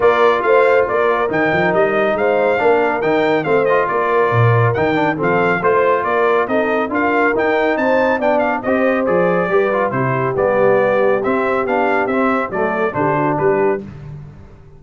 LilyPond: <<
  \new Staff \with { instrumentName = "trumpet" } { \time 4/4 \tempo 4 = 139 d''4 f''4 d''4 g''4 | dis''4 f''2 g''4 | f''8 dis''8 d''2 g''4 | f''4 c''4 d''4 dis''4 |
f''4 g''4 a''4 g''8 f''8 | dis''4 d''2 c''4 | d''2 e''4 f''4 | e''4 d''4 c''4 b'4 | }
  \new Staff \with { instrumentName = "horn" } { \time 4/4 ais'4 c''4 ais'2~ | ais'4 c''4 ais'2 | c''4 ais'2. | a'4 c''4 ais'4 a'4 |
ais'2 c''4 d''4 | c''2 b'4 g'4~ | g'1~ | g'4 a'4 g'8 fis'8 g'4 | }
  \new Staff \with { instrumentName = "trombone" } { \time 4/4 f'2. dis'4~ | dis'2 d'4 dis'4 | c'8 f'2~ f'8 dis'8 d'8 | c'4 f'2 dis'4 |
f'4 dis'2 d'4 | g'4 gis'4 g'8 f'8 e'4 | b2 c'4 d'4 | c'4 a4 d'2 | }
  \new Staff \with { instrumentName = "tuba" } { \time 4/4 ais4 a4 ais4 dis8 f8 | g4 gis4 ais4 dis4 | a4 ais4 ais,4 dis4 | f4 a4 ais4 c'4 |
d'4 dis'4 c'4 b4 | c'4 f4 g4 c4 | g2 c'4 b4 | c'4 fis4 d4 g4 | }
>>